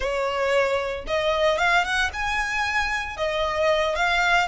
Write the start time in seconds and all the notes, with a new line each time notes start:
0.00 C#5
1.07 D#5
1.58 F5
1.84 F#5
2.13 G#5
3.16 D#5
3.95 F5